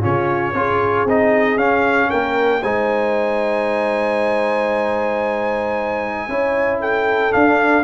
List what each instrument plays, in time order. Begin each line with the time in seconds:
0.00 tuba C#3, trombone C#4, horn F4, trumpet C#5
0.54 tuba C#4, trombone F4, horn G#4
1.05 tuba C4, trombone D#4, trumpet D#5
1.57 tuba C#4, trombone C#4, trumpet F5
2.09 tuba A#3, horn A#4, trumpet G5
2.62 tuba G#3, trombone D#4, horn C5, trumpet G#5
6.28 tuba C#4, trombone E4, horn C#5
6.80 horn A4, trumpet G5
7.31 trombone D4, tuba D4, trumpet F5